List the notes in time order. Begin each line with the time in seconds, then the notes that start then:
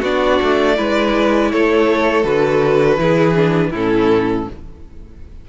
0.00 B3 D4 F#4 D5
0.42 A3
0.76 G#3 E4 B4
1.51 A3 A4 C#5
2.23 D3 F#4 B4
2.97 E3 E4 G#4
3.34 D4
3.70 A2 C#4 E4 A4